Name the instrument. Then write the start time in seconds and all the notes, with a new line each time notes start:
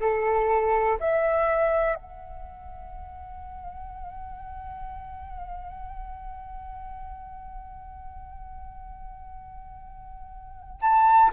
flute
0.00 A4
1.00 E5
1.95 F#5
10.81 A5